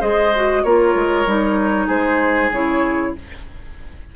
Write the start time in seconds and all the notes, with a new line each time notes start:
0.00 G#3 G#4 C5 D#5
0.36 F#4
0.64 A#3 F4 A#4 C#5
0.95 G#3
1.26 G3 D#4
1.87 G#3 G#4 C5
2.51 C#3 E4 C#5